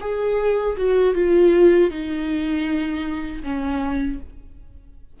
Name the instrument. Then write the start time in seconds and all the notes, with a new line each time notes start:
viola
0.00 G#4
0.77 F#4
1.14 F4
1.90 D#4
3.43 C#4